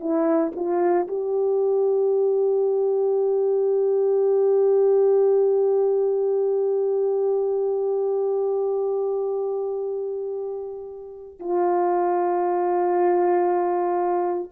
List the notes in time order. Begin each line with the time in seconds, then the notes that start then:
0.00 E4
0.56 F4
1.08 G4
11.40 F4